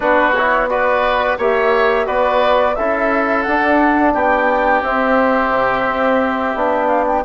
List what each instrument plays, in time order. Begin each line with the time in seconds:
0.00 bassoon B3, trombone D4, oboe F#4, flute B4
0.33 trombone E4, flute C#5
0.69 trombone F#4, oboe B4, flute D5
1.37 bassoon A#3, trombone G4, oboe C#5, flute E5
2.05 bassoon B3, trombone F#4, oboe B4, flute D5
2.75 bassoon C#4, trombone E4, oboe A4, flute E5
3.42 bassoon D4, trombone D4, flute F#5
4.13 bassoon B3, oboe G4, flute G5
4.81 bassoon C4, trombone C4, flute E5
5.50 bassoon C3
5.86 bassoon C4
6.54 bassoon B3, trombone D4
6.87 flute F5
7.07 flute G5